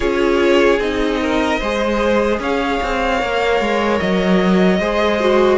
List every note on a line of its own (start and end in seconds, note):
0.00 0.78 C#4
0.00 0.80 F4
0.00 1.20 G#4
0.00 0.79 C#5
0.78 1.58 C4
0.78 1.60 D#4
0.78 2.39 D#5
1.21 1.59 A#4
1.59 2.39 G#3
1.59 3.18 G#4
1.59 2.39 C5
2.39 2.79 C#4
2.39 4.79 C#5
2.39 3.99 F5
2.83 3.22 C4
3.18 3.60 A#3
3.18 4.78 A#4
3.60 4.00 G#3
3.99 4.79 F#3
3.99 5.57 D#5
4.79 5.57 G#3
4.79 5.20 G#4
4.79 5.57 C5
5.20 5.57 F#4